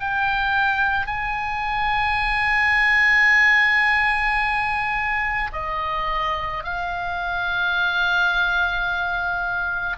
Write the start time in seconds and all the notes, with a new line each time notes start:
0.00 G5
1.07 G#5
5.53 D#5
6.64 F5